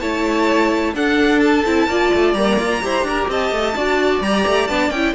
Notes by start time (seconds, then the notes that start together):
0.00 A3 E4 C#5 A5
0.94 D4 A4 F#5
1.40 A5
1.65 C4 E4
1.87 A#3 F4 D5
2.14 A3
2.33 G3 A#3 A#5
2.59 F4
2.82 E4 G4 C5
3.03 D4 A#4
3.28 C4 D#5 A5
3.51 A3
3.75 D4 F#4 D5
4.21 G3 G4 A#5
4.47 A3
4.68 B3 D4 A5
4.91 C#4 E4 G5